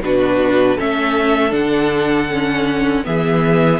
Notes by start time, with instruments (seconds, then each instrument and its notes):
0.00 cello B2, viola D4, violin F#4 B4
0.76 cello A3, viola C#4, violin A4 E5
1.50 cello D3, viola D4, violin F#5
2.30 viola C#4
3.04 cello E3, viola B3, violin G#4 E5